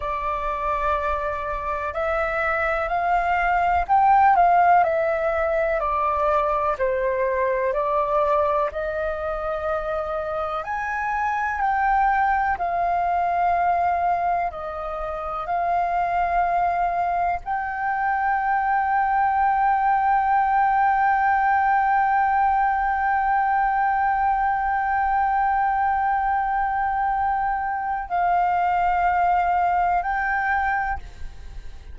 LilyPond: \new Staff \with { instrumentName = "flute" } { \time 4/4 \tempo 4 = 62 d''2 e''4 f''4 | g''8 f''8 e''4 d''4 c''4 | d''4 dis''2 gis''4 | g''4 f''2 dis''4 |
f''2 g''2~ | g''1~ | g''1~ | g''4 f''2 g''4 | }